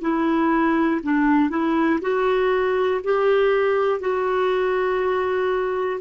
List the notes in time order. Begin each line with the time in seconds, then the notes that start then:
0.00 E4
1.03 D4
1.49 E4
2.01 F#4
3.04 G4
4.00 F#4